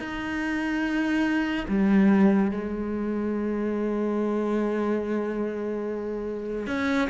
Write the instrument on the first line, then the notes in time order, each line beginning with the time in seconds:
cello
0.00 D#4
1.69 G3
2.52 G#3
6.67 C#4